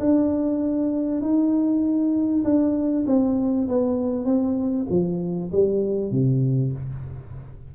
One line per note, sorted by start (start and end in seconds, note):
0.00 1.21 D4
1.21 2.44 D#4
2.44 3.06 D4
3.07 3.68 C4
3.68 4.25 B3
4.25 4.86 C4
4.90 5.51 F3
5.52 6.11 G3
6.11 6.72 C3